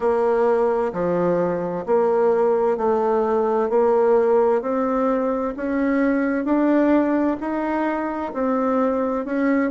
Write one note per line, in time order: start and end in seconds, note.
0.00 0.92 A#3
0.92 1.85 F3
1.85 2.77 A#3
2.77 3.69 A3
3.69 4.62 A#3
4.62 5.54 C4
5.56 6.44 C#4
6.44 7.36 D4
7.40 8.32 D#4
8.33 9.25 C4
9.25 9.70 C#4